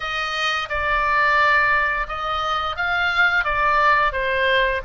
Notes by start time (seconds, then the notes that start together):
0.00 D#5
0.69 D5
2.08 D#5
2.76 F5
3.44 D5
4.12 C5